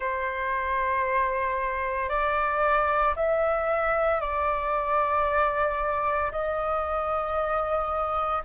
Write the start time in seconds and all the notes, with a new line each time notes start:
0.00 C5
2.09 D5
3.16 E5
4.21 D5
6.32 D#5